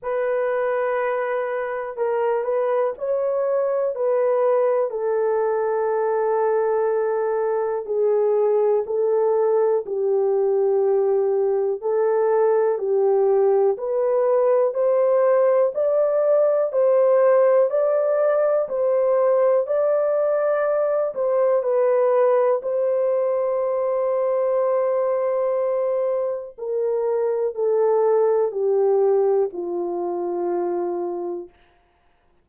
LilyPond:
\new Staff \with { instrumentName = "horn" } { \time 4/4 \tempo 4 = 61 b'2 ais'8 b'8 cis''4 | b'4 a'2. | gis'4 a'4 g'2 | a'4 g'4 b'4 c''4 |
d''4 c''4 d''4 c''4 | d''4. c''8 b'4 c''4~ | c''2. ais'4 | a'4 g'4 f'2 | }